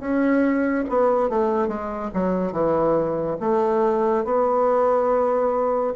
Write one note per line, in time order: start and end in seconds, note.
0.00 0.85 C#4
0.90 1.30 B3
1.30 1.68 A3
1.68 2.10 G#3
2.14 2.53 F#3
2.53 3.37 E3
3.41 4.25 A3
4.25 5.94 B3